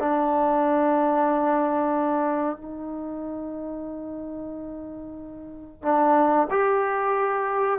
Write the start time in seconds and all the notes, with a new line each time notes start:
0.00 D4
2.57 D#4
5.83 D4
6.51 G4